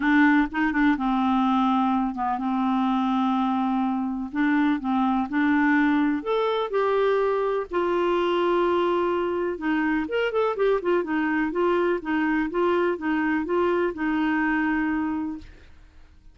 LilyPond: \new Staff \with { instrumentName = "clarinet" } { \time 4/4 \tempo 4 = 125 d'4 dis'8 d'8 c'2~ | c'8 b8 c'2.~ | c'4 d'4 c'4 d'4~ | d'4 a'4 g'2 |
f'1 | dis'4 ais'8 a'8 g'8 f'8 dis'4 | f'4 dis'4 f'4 dis'4 | f'4 dis'2. | }